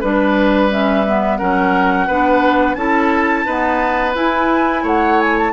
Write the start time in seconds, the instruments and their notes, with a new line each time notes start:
0.00 bassoon G3, clarinet D4, oboe B4, flute B4
0.71 clarinet C#4, flute E5
1.06 clarinet B3
1.37 bassoon F#3, clarinet C#4, oboe A#4, flute F#5
2.07 bassoon B3, clarinet D4, oboe B4
2.74 bassoon C#4, clarinet E4, oboe A4, flute A5
3.46 clarinet B3, bassoon D#4, oboe B4
4.15 bassoon E4, clarinet E4, flute G#5
4.83 bassoon A3, oboe C#5, flute F#5
5.21 flute G#5
5.38 flute A5